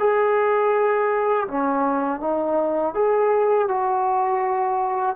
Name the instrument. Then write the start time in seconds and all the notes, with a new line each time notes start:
trombone
0.00 G#4
1.48 C#4
2.21 D#4
2.95 G#4
3.69 F#4